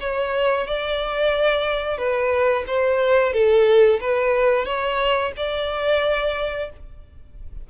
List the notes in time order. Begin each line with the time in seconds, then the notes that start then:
0.00 C#5
0.67 D5
1.97 B4
2.67 C5
3.33 A4
4.00 B4
4.65 C#5
5.36 D5